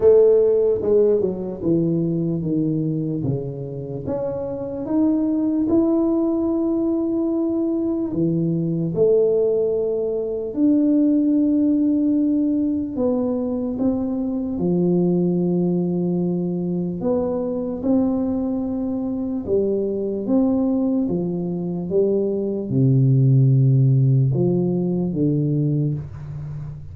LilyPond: \new Staff \with { instrumentName = "tuba" } { \time 4/4 \tempo 4 = 74 a4 gis8 fis8 e4 dis4 | cis4 cis'4 dis'4 e'4~ | e'2 e4 a4~ | a4 d'2. |
b4 c'4 f2~ | f4 b4 c'2 | g4 c'4 f4 g4 | c2 f4 d4 | }